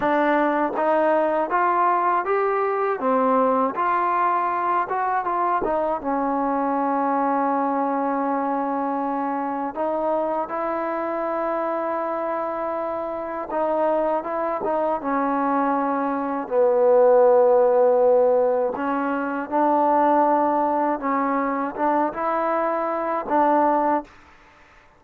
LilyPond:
\new Staff \with { instrumentName = "trombone" } { \time 4/4 \tempo 4 = 80 d'4 dis'4 f'4 g'4 | c'4 f'4. fis'8 f'8 dis'8 | cis'1~ | cis'4 dis'4 e'2~ |
e'2 dis'4 e'8 dis'8 | cis'2 b2~ | b4 cis'4 d'2 | cis'4 d'8 e'4. d'4 | }